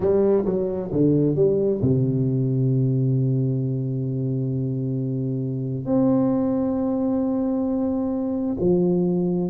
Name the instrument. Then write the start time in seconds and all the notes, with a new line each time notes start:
tuba
0.00 G3
0.45 F#3
0.92 D3
1.35 G3
1.81 C3
5.85 C4
8.60 F3